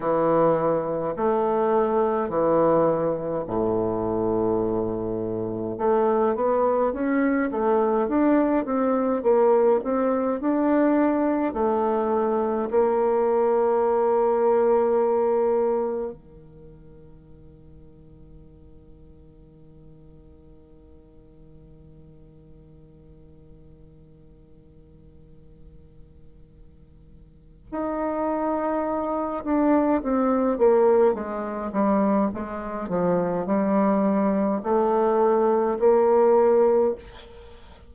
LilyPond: \new Staff \with { instrumentName = "bassoon" } { \time 4/4 \tempo 4 = 52 e4 a4 e4 a,4~ | a,4 a8 b8 cis'8 a8 d'8 c'8 | ais8 c'8 d'4 a4 ais4~ | ais2 dis2~ |
dis1~ | dis1 | dis'4. d'8 c'8 ais8 gis8 g8 | gis8 f8 g4 a4 ais4 | }